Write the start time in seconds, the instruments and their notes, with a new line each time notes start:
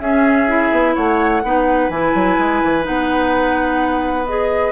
0.00 bassoon C#4, clarinet C#4, oboe G#4, flute E5
0.48 clarinet E4
0.71 bassoon B3
0.95 bassoon A3, oboe C#5, flute F#5
1.43 bassoon B3, clarinet D#4, oboe B4
1.89 bassoon E3, clarinet E4, flute G#5
2.14 bassoon F#3
2.38 bassoon G#3
2.63 bassoon E3
2.82 bassoon B3, clarinet D#4, flute F#5
4.27 clarinet G#4, flute D#5